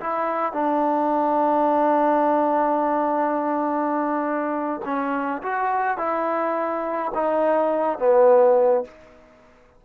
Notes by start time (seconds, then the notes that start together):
0.00 E4
0.53 D4
4.85 C#4
5.42 F#4
5.98 E4
7.14 D#4
7.99 B3